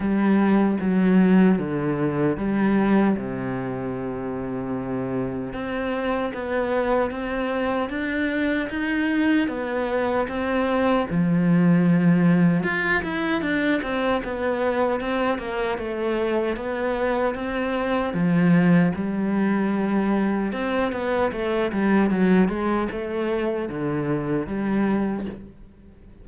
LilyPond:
\new Staff \with { instrumentName = "cello" } { \time 4/4 \tempo 4 = 76 g4 fis4 d4 g4 | c2. c'4 | b4 c'4 d'4 dis'4 | b4 c'4 f2 |
f'8 e'8 d'8 c'8 b4 c'8 ais8 | a4 b4 c'4 f4 | g2 c'8 b8 a8 g8 | fis8 gis8 a4 d4 g4 | }